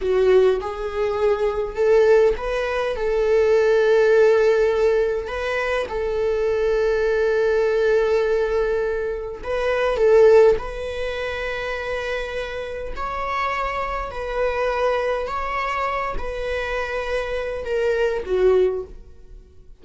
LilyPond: \new Staff \with { instrumentName = "viola" } { \time 4/4 \tempo 4 = 102 fis'4 gis'2 a'4 | b'4 a'2.~ | a'4 b'4 a'2~ | a'1 |
b'4 a'4 b'2~ | b'2 cis''2 | b'2 cis''4. b'8~ | b'2 ais'4 fis'4 | }